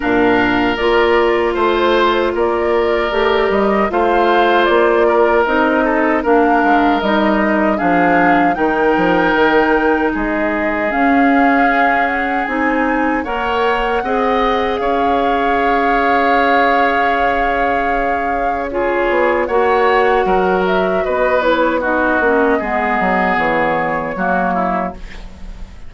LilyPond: <<
  \new Staff \with { instrumentName = "flute" } { \time 4/4 \tempo 4 = 77 f''4 d''4 c''4 d''4~ | d''8 dis''8 f''4 d''4 dis''4 | f''4 dis''4 f''4 g''4~ | g''4 dis''4 f''4. fis''8 |
gis''4 fis''2 f''4~ | f''1 | cis''4 fis''4. e''8 dis''8 cis''8 | dis''2 cis''2 | }
  \new Staff \with { instrumentName = "oboe" } { \time 4/4 ais'2 c''4 ais'4~ | ais'4 c''4. ais'4 a'8 | ais'2 gis'4 ais'4~ | ais'4 gis'2.~ |
gis'4 cis''4 dis''4 cis''4~ | cis''1 | gis'4 cis''4 ais'4 b'4 | fis'4 gis'2 fis'8 e'8 | }
  \new Staff \with { instrumentName = "clarinet" } { \time 4/4 d'4 f'2. | g'4 f'2 dis'4 | d'4 dis'4 d'4 dis'4~ | dis'2 cis'2 |
dis'4 ais'4 gis'2~ | gis'1 | f'4 fis'2~ fis'8 e'8 | dis'8 cis'8 b2 ais4 | }
  \new Staff \with { instrumentName = "bassoon" } { \time 4/4 ais,4 ais4 a4 ais4 | a8 g8 a4 ais4 c'4 | ais8 gis8 g4 f4 dis8 f8 | dis4 gis4 cis'2 |
c'4 ais4 c'4 cis'4~ | cis'1~ | cis'8 b8 ais4 fis4 b4~ | b8 ais8 gis8 fis8 e4 fis4 | }
>>